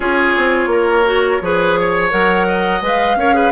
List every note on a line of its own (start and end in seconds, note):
0.00 0.34 C#4
0.00 1.04 F4
0.00 0.69 G#4
0.00 2.11 C#5
0.37 0.66 C4
0.66 1.37 A#3
0.66 1.42 A#4
1.04 1.40 F#4
1.41 2.11 F3
1.41 2.10 G#4
1.41 1.79 B4
1.80 2.47 C#5
2.10 2.81 F#3
2.10 2.80 A#4
2.10 2.82 F#5
2.47 3.17 D#5
2.81 3.15 G#3
2.81 3.17 B4
2.81 3.52 F5
3.15 3.51 C#4
3.15 3.33 A#4
3.15 3.35 C#5
3.33 3.51 G#4
3.33 3.52 B4